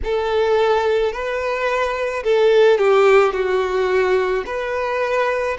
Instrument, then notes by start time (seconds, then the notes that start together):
violin
0.04 A4
1.12 B4
2.23 A4
2.78 G4
3.33 F#4
4.45 B4